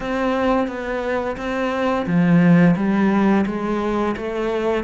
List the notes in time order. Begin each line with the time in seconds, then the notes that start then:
0.00 C4
0.67 B3
1.36 C4
2.06 F3
2.76 G3
3.46 G#3
4.16 A3